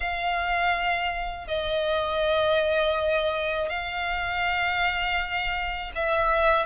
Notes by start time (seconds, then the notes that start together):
0.00 F5
1.47 D#5
3.69 F5
5.95 E5